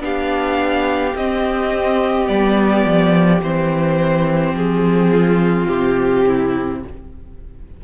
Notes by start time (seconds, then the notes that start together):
0.00 B3 D4 G4 F5
1.15 C4 D#5
2.26 G3 B3 D5
2.85 F3
3.42 E3 C4 C5
4.53 F3 G#4
5.11 F4
5.67 C3 G4
6.27 E4